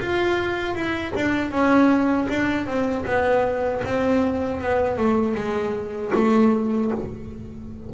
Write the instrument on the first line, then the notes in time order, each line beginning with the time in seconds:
double bass
0.00 F4
0.75 E4
1.15 D4
1.51 C#4
2.29 D4
2.66 C4
3.05 B3
3.85 C4
4.61 B3
4.98 A3
5.35 G#3
6.14 A3